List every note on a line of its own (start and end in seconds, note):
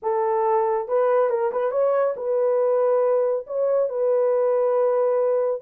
0.02 0.88 A4
0.88 1.29 B4
1.29 1.51 A#4
1.52 1.71 B4
1.71 2.14 C#5
2.16 3.46 B4
3.46 3.89 C#5
3.89 5.61 B4